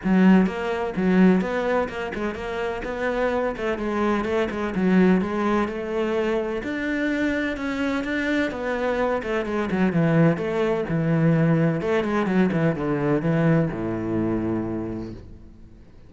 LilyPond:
\new Staff \with { instrumentName = "cello" } { \time 4/4 \tempo 4 = 127 fis4 ais4 fis4 b4 | ais8 gis8 ais4 b4. a8 | gis4 a8 gis8 fis4 gis4 | a2 d'2 |
cis'4 d'4 b4. a8 | gis8 fis8 e4 a4 e4~ | e4 a8 gis8 fis8 e8 d4 | e4 a,2. | }